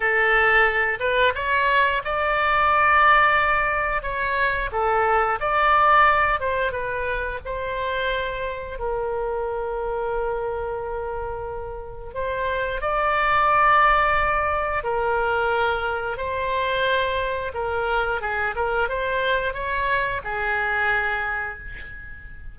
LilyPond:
\new Staff \with { instrumentName = "oboe" } { \time 4/4 \tempo 4 = 89 a'4. b'8 cis''4 d''4~ | d''2 cis''4 a'4 | d''4. c''8 b'4 c''4~ | c''4 ais'2.~ |
ais'2 c''4 d''4~ | d''2 ais'2 | c''2 ais'4 gis'8 ais'8 | c''4 cis''4 gis'2 | }